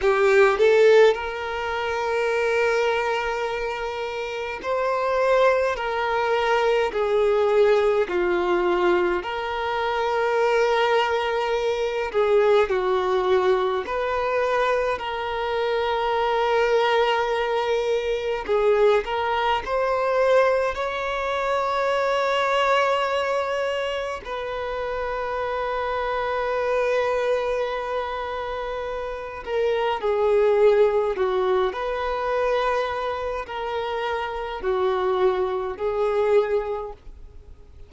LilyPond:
\new Staff \with { instrumentName = "violin" } { \time 4/4 \tempo 4 = 52 g'8 a'8 ais'2. | c''4 ais'4 gis'4 f'4 | ais'2~ ais'8 gis'8 fis'4 | b'4 ais'2. |
gis'8 ais'8 c''4 cis''2~ | cis''4 b'2.~ | b'4. ais'8 gis'4 fis'8 b'8~ | b'4 ais'4 fis'4 gis'4 | }